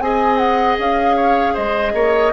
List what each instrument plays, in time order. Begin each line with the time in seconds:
0.00 bassoon C4, clarinet G#4, oboe D#5, flute G#5
0.38 flute F#5
0.79 bassoon C#4, flute F5
1.17 oboe C#5
1.54 bassoon G#3, oboe C5, flute D#5
1.94 bassoon A#3, oboe C#5